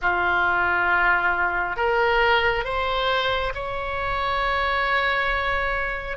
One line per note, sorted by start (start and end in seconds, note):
0.01 1.76 F4
1.76 2.64 A#4
2.64 3.53 C5
3.54 6.17 C#5